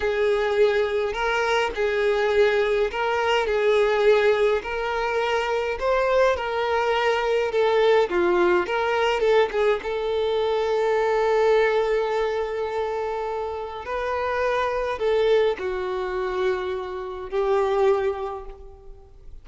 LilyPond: \new Staff \with { instrumentName = "violin" } { \time 4/4 \tempo 4 = 104 gis'2 ais'4 gis'4~ | gis'4 ais'4 gis'2 | ais'2 c''4 ais'4~ | ais'4 a'4 f'4 ais'4 |
a'8 gis'8 a'2.~ | a'1 | b'2 a'4 fis'4~ | fis'2 g'2 | }